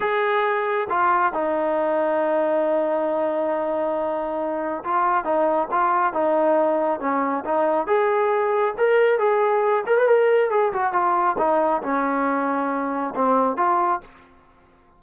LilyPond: \new Staff \with { instrumentName = "trombone" } { \time 4/4 \tempo 4 = 137 gis'2 f'4 dis'4~ | dis'1~ | dis'2. f'4 | dis'4 f'4 dis'2 |
cis'4 dis'4 gis'2 | ais'4 gis'4. ais'16 b'16 ais'4 | gis'8 fis'8 f'4 dis'4 cis'4~ | cis'2 c'4 f'4 | }